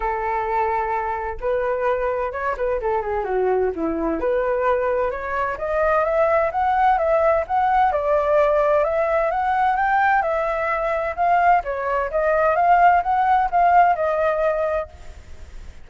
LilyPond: \new Staff \with { instrumentName = "flute" } { \time 4/4 \tempo 4 = 129 a'2. b'4~ | b'4 cis''8 b'8 a'8 gis'8 fis'4 | e'4 b'2 cis''4 | dis''4 e''4 fis''4 e''4 |
fis''4 d''2 e''4 | fis''4 g''4 e''2 | f''4 cis''4 dis''4 f''4 | fis''4 f''4 dis''2 | }